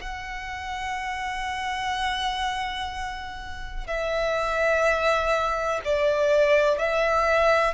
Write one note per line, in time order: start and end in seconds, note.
0.00 3.87 F#5
3.87 5.80 E5
5.84 6.78 D5
6.78 7.74 E5